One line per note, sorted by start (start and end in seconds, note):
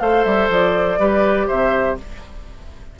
0.00 0.25 A3
0.00 0.99 A4
0.00 0.99 C5
0.00 0.24 F5
0.24 0.49 G3
0.24 0.49 E5
0.49 0.98 F3
0.49 1.48 D5
0.99 1.48 G3
0.99 1.97 G4
0.99 1.47 B4
1.47 1.99 C3
1.47 1.96 C5
1.47 1.97 E5